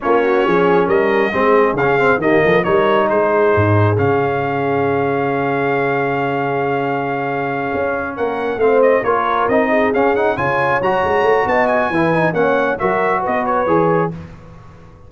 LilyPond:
<<
  \new Staff \with { instrumentName = "trumpet" } { \time 4/4 \tempo 4 = 136 cis''2 dis''2 | f''4 dis''4 cis''4 c''4~ | c''4 f''2.~ | f''1~ |
f''2~ f''8 fis''4 f''8 | dis''8 cis''4 dis''4 f''8 fis''8 gis''8~ | gis''8 ais''4. a''8 gis''4. | fis''4 e''4 dis''8 cis''4. | }
  \new Staff \with { instrumentName = "horn" } { \time 4/4 f'8 fis'8 gis'4 ais'4 gis'4~ | gis'4 g'8 a'8 ais'4 gis'4~ | gis'1~ | gis'1~ |
gis'2~ gis'8 ais'4 c''8~ | c''8 ais'4. gis'4. cis''8~ | cis''2 dis''4 b'4 | cis''4 ais'4 b'2 | }
  \new Staff \with { instrumentName = "trombone" } { \time 4/4 cis'2. c'4 | cis'8 c'8 ais4 dis'2~ | dis'4 cis'2.~ | cis'1~ |
cis'2.~ cis'8 c'8~ | c'8 f'4 dis'4 cis'8 dis'8 f'8~ | f'8 fis'2~ fis'8 e'8 dis'8 | cis'4 fis'2 gis'4 | }
  \new Staff \with { instrumentName = "tuba" } { \time 4/4 ais4 f4 g4 gis4 | cis4 dis8 f8 g4 gis4 | gis,4 cis2.~ | cis1~ |
cis4. cis'4 ais4 a8~ | a8 ais4 c'4 cis'4 cis8~ | cis8 fis8 gis8 a8 b4 e4 | ais4 fis4 b4 e4 | }
>>